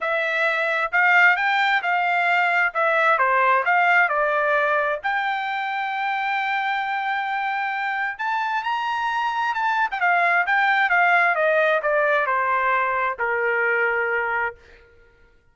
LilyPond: \new Staff \with { instrumentName = "trumpet" } { \time 4/4 \tempo 4 = 132 e''2 f''4 g''4 | f''2 e''4 c''4 | f''4 d''2 g''4~ | g''1~ |
g''2 a''4 ais''4~ | ais''4 a''8. g''16 f''4 g''4 | f''4 dis''4 d''4 c''4~ | c''4 ais'2. | }